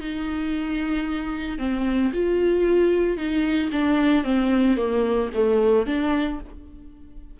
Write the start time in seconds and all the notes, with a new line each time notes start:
0.00 D#4
1.58 C4
2.13 F4
3.17 D#4
3.71 D4
4.24 C4
4.76 A#3
5.34 A3
5.86 D4